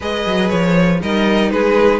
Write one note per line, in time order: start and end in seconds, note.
0.00 0.26 G#3
0.00 1.00 G#4
0.00 1.00 B4
0.00 0.49 D#5
0.26 0.51 F#3
0.49 1.02 F3
0.49 0.99 C#5
1.00 1.51 G3
1.00 2.00 D#4
1.00 1.52 A#4
1.00 1.50 D#5
1.50 2.00 G#3
1.50 2.00 G#4
1.50 2.00 B4